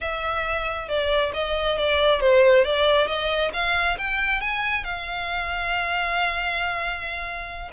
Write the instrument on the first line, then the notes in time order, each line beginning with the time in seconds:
violin
0.00 E5
0.88 D5
1.33 D#5
1.77 D5
2.20 C5
2.64 D5
3.07 D#5
3.53 F5
3.98 G5
4.40 G#5
4.84 F5